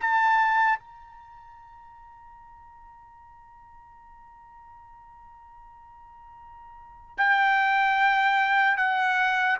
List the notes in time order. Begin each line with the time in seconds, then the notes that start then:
0.00 A5
0.79 A#5
7.17 G5
8.77 F#5